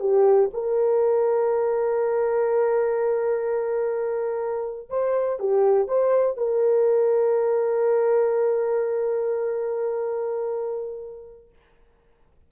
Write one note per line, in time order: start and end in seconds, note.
0.00 0.50 G4
0.54 4.89 A#4
4.89 5.39 C5
5.40 5.88 G4
5.88 6.37 C5
6.37 11.50 A#4